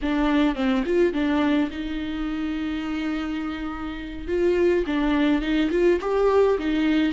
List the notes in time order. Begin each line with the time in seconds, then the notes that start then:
0.02 D4
0.55 C4
0.85 F4
1.13 D4
1.70 D#4
4.27 F4
4.86 D4
5.41 D#4
5.71 F4
6.01 G4
6.58 D#4